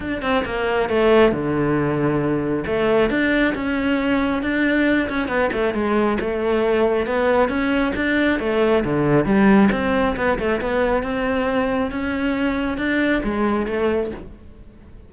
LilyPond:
\new Staff \with { instrumentName = "cello" } { \time 4/4 \tempo 4 = 136 d'8 c'8 ais4 a4 d4~ | d2 a4 d'4 | cis'2 d'4. cis'8 | b8 a8 gis4 a2 |
b4 cis'4 d'4 a4 | d4 g4 c'4 b8 a8 | b4 c'2 cis'4~ | cis'4 d'4 gis4 a4 | }